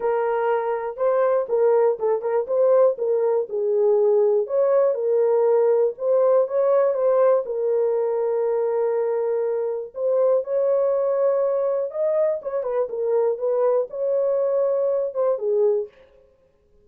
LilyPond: \new Staff \with { instrumentName = "horn" } { \time 4/4 \tempo 4 = 121 ais'2 c''4 ais'4 | a'8 ais'8 c''4 ais'4 gis'4~ | gis'4 cis''4 ais'2 | c''4 cis''4 c''4 ais'4~ |
ais'1 | c''4 cis''2. | dis''4 cis''8 b'8 ais'4 b'4 | cis''2~ cis''8 c''8 gis'4 | }